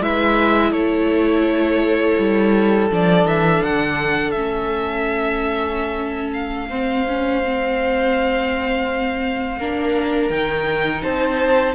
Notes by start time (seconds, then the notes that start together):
0.00 G#3 E4 B4 E5
0.70 A3 A4 C#5
2.18 G3
2.90 F3 D4 D5
3.25 E3 E5
3.63 D3 F#5
4.31 A3 C#4 E5
6.33 F5
6.69 C4 C5
7.08 C#4
7.44 C4
9.58 A#3 D4 A#4
10.29 D#3 D#4 G5
11.02 C4 C5 A5